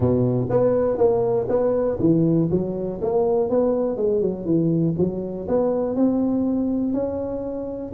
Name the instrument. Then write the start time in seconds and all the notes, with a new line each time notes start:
tuba
0.00 B2
0.49 B3
0.97 A#3
1.48 B3
1.99 E3
2.50 F#3
3.01 A#3
3.49 B3
3.96 G#3
4.21 F#3
4.45 E3
4.97 F#3
5.48 B3
5.95 C4
6.93 C#4